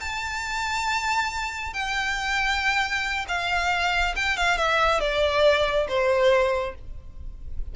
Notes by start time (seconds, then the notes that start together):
0.00 A5
1.73 G5
3.28 F5
4.16 G5
4.37 F5
4.57 E5
5.00 D5
5.88 C5